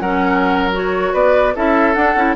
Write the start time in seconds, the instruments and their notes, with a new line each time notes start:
0.00 bassoon F#3, clarinet C#4, oboe A#4, flute F#5
0.72 clarinet F#4, flute C#5
1.13 bassoon B3, oboe B4, flute D5
1.55 bassoon C#4, clarinet E4, oboe A4, flute E5
1.94 clarinet D4, bassoon D4, flute F#5
2.15 bassoon C#4, clarinet E4